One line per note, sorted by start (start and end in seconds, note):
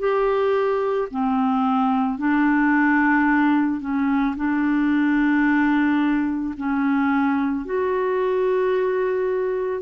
0.00 1.09 G4
1.11 2.19 C4
2.19 3.81 D4
3.81 4.35 C#4
4.37 6.55 D4
6.58 7.66 C#4
7.66 9.82 F#4